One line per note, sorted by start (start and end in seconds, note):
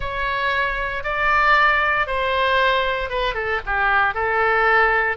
0.00 1.03 C#5
1.03 2.07 D5
2.07 3.09 C5
3.09 3.34 B4
3.34 3.60 A4
3.66 4.14 G4
4.14 5.17 A4